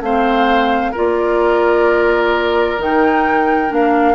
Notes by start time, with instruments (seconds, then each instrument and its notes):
0.00 bassoon A3, clarinet C4, oboe C5, flute F5
0.92 clarinet F4, oboe A#4, flute D5
0.98 bassoon A#3
2.78 bassoon D#3, clarinet D#4, flute G5
3.69 bassoon A#3, clarinet D4, flute F5